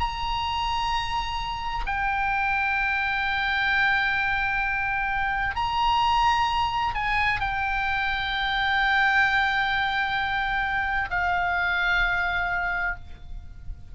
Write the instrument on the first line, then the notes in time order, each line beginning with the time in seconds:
oboe
0.00 A#5
1.86 G5
5.55 A#5
6.94 G#5
7.40 G5
11.10 F5